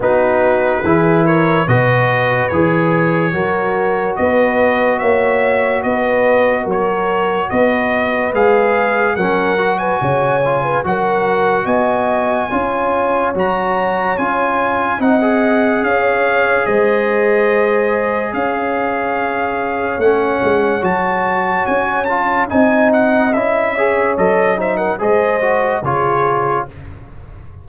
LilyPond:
<<
  \new Staff \with { instrumentName = "trumpet" } { \time 4/4 \tempo 4 = 72 b'4. cis''8 dis''4 cis''4~ | cis''4 dis''4 e''4 dis''4 | cis''4 dis''4 f''4 fis''8. gis''16~ | gis''4 fis''4 gis''2 |
ais''4 gis''4 fis''4 f''4 | dis''2 f''2 | fis''4 a''4 gis''8 a''8 gis''8 fis''8 | e''4 dis''8 e''16 fis''16 dis''4 cis''4 | }
  \new Staff \with { instrumentName = "horn" } { \time 4/4 fis'4 gis'8 ais'8 b'2 | ais'4 b'4 cis''4 b'4 | ais'4 b'2 ais'8. b'16 | cis''8. b'16 ais'4 dis''4 cis''4~ |
cis''2 dis''4 cis''4 | c''2 cis''2~ | cis''2. dis''4~ | dis''8 cis''4 c''16 ais'16 c''4 gis'4 | }
  \new Staff \with { instrumentName = "trombone" } { \time 4/4 dis'4 e'4 fis'4 gis'4 | fis'1~ | fis'2 gis'4 cis'8 fis'8~ | fis'8 f'8 fis'2 f'4 |
fis'4 f'4 dis'16 gis'4.~ gis'16~ | gis'1 | cis'4 fis'4. f'8 dis'4 | e'8 gis'8 a'8 dis'8 gis'8 fis'8 f'4 | }
  \new Staff \with { instrumentName = "tuba" } { \time 4/4 b4 e4 b,4 e4 | fis4 b4 ais4 b4 | fis4 b4 gis4 fis4 | cis4 fis4 b4 cis'4 |
fis4 cis'4 c'4 cis'4 | gis2 cis'2 | a8 gis8 fis4 cis'4 c'4 | cis'4 fis4 gis4 cis4 | }
>>